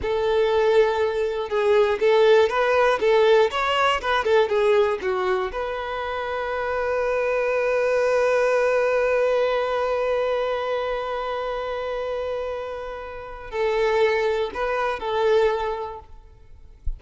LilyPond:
\new Staff \with { instrumentName = "violin" } { \time 4/4 \tempo 4 = 120 a'2. gis'4 | a'4 b'4 a'4 cis''4 | b'8 a'8 gis'4 fis'4 b'4~ | b'1~ |
b'1~ | b'1~ | b'2. a'4~ | a'4 b'4 a'2 | }